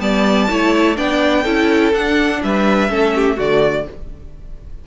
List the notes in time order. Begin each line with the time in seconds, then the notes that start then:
0.00 G3 B3 D5 A5
0.50 A3 E4 C#5
0.96 B3 D4 D5 G5
1.43 C#4 E4 A4
1.93 D4 F#5
2.43 G3 B4 E5
2.89 A3 C#4 A4
3.15 G4
3.37 D3 A3 F#4 D5